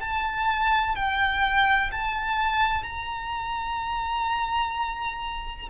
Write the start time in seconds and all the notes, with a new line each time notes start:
0.00 A5
0.95 G5
1.91 A5
2.83 A#5